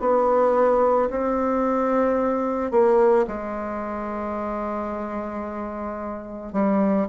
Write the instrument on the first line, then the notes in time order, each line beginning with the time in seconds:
bassoon
0.00 B3
1.10 C4
2.71 A#3
3.27 G#3
6.53 G3